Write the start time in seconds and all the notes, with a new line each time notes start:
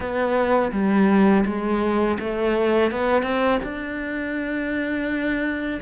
0.00 B3
0.72 G3
1.45 G#3
2.19 A3
2.91 B3
3.22 C4
3.63 D4